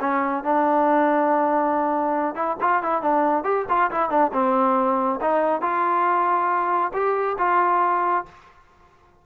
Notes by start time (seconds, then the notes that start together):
0.00 C#4
0.43 D4
2.35 E4
2.60 F4
2.83 E4
3.02 D4
3.43 G4
3.69 F4
3.91 E4
4.10 D4
4.33 C4
5.21 D#4
5.61 F4
6.93 G4
7.38 F4